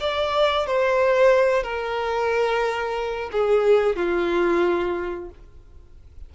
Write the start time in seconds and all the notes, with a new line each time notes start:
0.00 D5
0.67 C5
1.64 A#4
3.32 G#4
3.96 F4